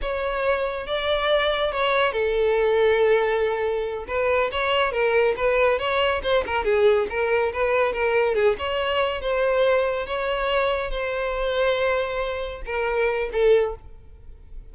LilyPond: \new Staff \with { instrumentName = "violin" } { \time 4/4 \tempo 4 = 140 cis''2 d''2 | cis''4 a'2.~ | a'4. b'4 cis''4 ais'8~ | ais'8 b'4 cis''4 c''8 ais'8 gis'8~ |
gis'8 ais'4 b'4 ais'4 gis'8 | cis''4. c''2 cis''8~ | cis''4. c''2~ c''8~ | c''4. ais'4. a'4 | }